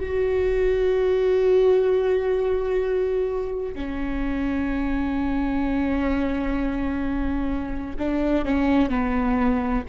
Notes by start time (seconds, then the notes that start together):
0.00 F#4
3.75 C#4
7.99 D4
8.45 C#4
8.90 B3